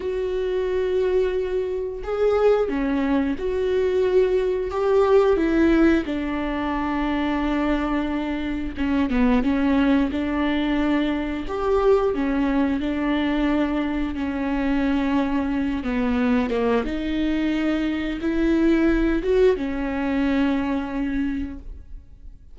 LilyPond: \new Staff \with { instrumentName = "viola" } { \time 4/4 \tempo 4 = 89 fis'2. gis'4 | cis'4 fis'2 g'4 | e'4 d'2.~ | d'4 cis'8 b8 cis'4 d'4~ |
d'4 g'4 cis'4 d'4~ | d'4 cis'2~ cis'8 b8~ | b8 ais8 dis'2 e'4~ | e'8 fis'8 cis'2. | }